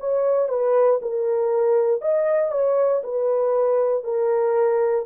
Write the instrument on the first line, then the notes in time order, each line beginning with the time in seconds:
horn
0.00 C#5
0.49 B4
1.02 A#4
2.02 D#5
2.51 C#5
3.04 B4
4.04 A#4